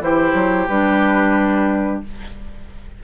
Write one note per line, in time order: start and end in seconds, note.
0.00 0.33 E3
0.00 0.68 E4
0.00 2.03 G4
0.00 0.67 C5
0.34 0.67 F#3
0.67 2.02 G3
0.67 2.03 D4
0.67 2.01 B4